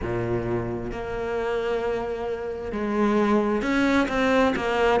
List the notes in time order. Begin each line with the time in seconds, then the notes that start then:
0.02 A#2
0.91 A#3
2.71 G#3
3.62 C#4
4.08 C4
4.55 A#3